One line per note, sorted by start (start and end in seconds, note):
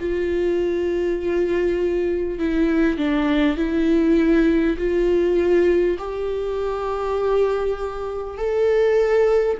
0.00 2.38 F4
2.38 2.98 E4
2.98 3.57 D4
3.57 4.77 E4
4.78 5.98 F4
5.98 8.38 G4
8.38 9.58 A4